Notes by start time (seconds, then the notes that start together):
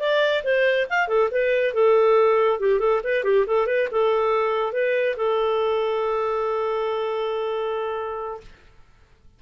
0.00 D5
0.44 C5
0.90 F5
1.08 A4
1.31 B4
1.74 A4
2.60 G4
2.80 A4
3.04 B4
3.24 G4
3.46 A4
3.67 B4
3.92 A4
4.73 B4
5.17 A4